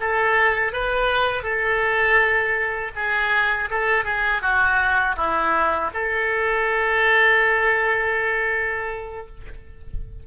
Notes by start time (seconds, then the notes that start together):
0.00 A4
0.73 B4
1.43 A4
2.96 G#4
3.70 A4
4.05 G#4
4.42 F#4
5.17 E4
5.94 A4